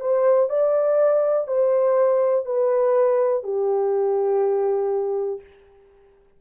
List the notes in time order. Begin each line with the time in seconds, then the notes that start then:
0.00 C5
0.49 D5
1.48 C5
2.45 B4
3.43 G4